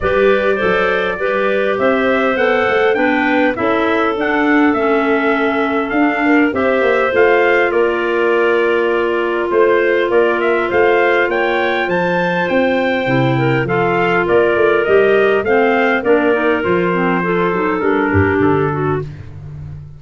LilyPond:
<<
  \new Staff \with { instrumentName = "trumpet" } { \time 4/4 \tempo 4 = 101 d''2. e''4 | fis''4 g''4 e''4 fis''4 | e''2 f''4 e''4 | f''4 d''2. |
c''4 d''8 e''8 f''4 g''4 | a''4 g''2 f''4 | d''4 dis''4 f''4 d''4 | c''2 ais'4 a'4 | }
  \new Staff \with { instrumentName = "clarinet" } { \time 4/4 b'4 c''4 b'4 c''4~ | c''4 b'4 a'2~ | a'2~ a'8 ais'8 c''4~ | c''4 ais'2. |
c''4 ais'4 c''4 cis''4 | c''2~ c''8 ais'8 a'4 | ais'2 c''4 ais'4~ | ais'4 a'4. g'4 fis'8 | }
  \new Staff \with { instrumentName = "clarinet" } { \time 4/4 g'4 a'4 g'2 | a'4 d'4 e'4 d'4 | cis'2 d'4 g'4 | f'1~ |
f'1~ | f'2 e'4 f'4~ | f'4 g'4 c'4 d'8 dis'8 | f'8 c'8 f'8 dis'8 d'2 | }
  \new Staff \with { instrumentName = "tuba" } { \time 4/4 g4 fis4 g4 c'4 | b8 a8 b4 cis'4 d'4 | a2 d'4 c'8 ais8 | a4 ais2. |
a4 ais4 a4 ais4 | f4 c'4 c4 f4 | ais8 a8 g4 a4 ais4 | f4. fis8 g8 g,8 d4 | }
>>